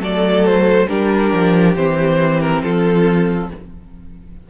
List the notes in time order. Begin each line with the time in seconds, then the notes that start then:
0.00 F#3 A3 A4 D5
0.46 C5
0.89 G3 D4 G4 A#4
1.33 F3
1.76 E3 C4 C5
2.41 A#4
2.63 F3 F4 A4